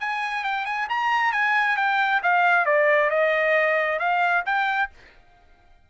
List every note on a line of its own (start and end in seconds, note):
0.00 0.44 G#5
0.44 0.65 G5
0.65 0.87 G#5
0.89 1.33 A#5
1.33 1.77 G#5
1.77 2.21 G5
2.23 2.65 F5
2.65 3.10 D5
3.10 3.99 D#5
3.99 4.44 F5
4.45 4.90 G5